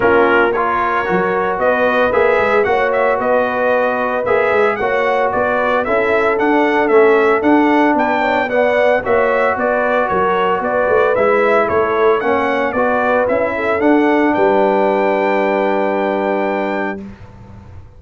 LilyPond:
<<
  \new Staff \with { instrumentName = "trumpet" } { \time 4/4 \tempo 4 = 113 ais'4 cis''2 dis''4 | e''4 fis''8 e''8 dis''2 | e''4 fis''4 d''4 e''4 | fis''4 e''4 fis''4 g''4 |
fis''4 e''4 d''4 cis''4 | d''4 e''4 cis''4 fis''4 | d''4 e''4 fis''4 g''4~ | g''1 | }
  \new Staff \with { instrumentName = "horn" } { \time 4/4 f'4 ais'2 b'4~ | b'4 cis''4 b'2~ | b'4 cis''4 b'4 a'4~ | a'2. b'8 cis''8 |
d''4 cis''4 b'4 ais'4 | b'2 a'4 cis''4 | b'4. a'4. b'4~ | b'1 | }
  \new Staff \with { instrumentName = "trombone" } { \time 4/4 cis'4 f'4 fis'2 | gis'4 fis'2. | gis'4 fis'2 e'4 | d'4 cis'4 d'2 |
b4 fis'2.~ | fis'4 e'2 cis'4 | fis'4 e'4 d'2~ | d'1 | }
  \new Staff \with { instrumentName = "tuba" } { \time 4/4 ais2 fis4 b4 | ais8 gis8 ais4 b2 | ais8 gis8 ais4 b4 cis'4 | d'4 a4 d'4 b4~ |
b4 ais4 b4 fis4 | b8 a8 gis4 a4 ais4 | b4 cis'4 d'4 g4~ | g1 | }
>>